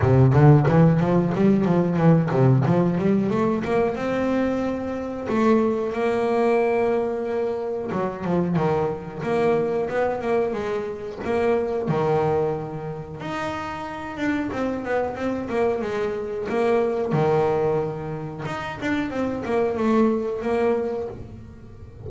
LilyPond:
\new Staff \with { instrumentName = "double bass" } { \time 4/4 \tempo 4 = 91 c8 d8 e8 f8 g8 f8 e8 c8 | f8 g8 a8 ais8 c'2 | a4 ais2. | fis8 f8 dis4 ais4 b8 ais8 |
gis4 ais4 dis2 | dis'4. d'8 c'8 b8 c'8 ais8 | gis4 ais4 dis2 | dis'8 d'8 c'8 ais8 a4 ais4 | }